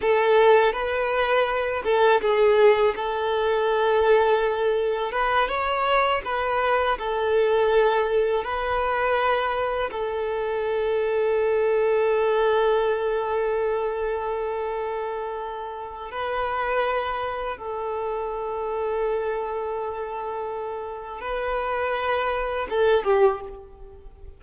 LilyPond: \new Staff \with { instrumentName = "violin" } { \time 4/4 \tempo 4 = 82 a'4 b'4. a'8 gis'4 | a'2. b'8 cis''8~ | cis''8 b'4 a'2 b'8~ | b'4. a'2~ a'8~ |
a'1~ | a'2 b'2 | a'1~ | a'4 b'2 a'8 g'8 | }